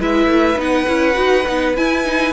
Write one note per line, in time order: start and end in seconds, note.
0.00 0.26 G#3
0.00 0.57 E4
0.00 2.33 B4
0.00 0.61 E5
0.26 0.56 A3
0.57 0.87 B3
0.57 0.86 D#4
0.57 1.77 F#5
0.88 1.17 C#4
0.88 1.14 E4
1.14 1.46 D#4
1.14 1.43 F#4
1.46 1.77 B3
1.46 1.76 D#4
1.76 2.04 E4
1.76 2.33 E4
1.76 2.33 G#5
2.04 2.33 D#4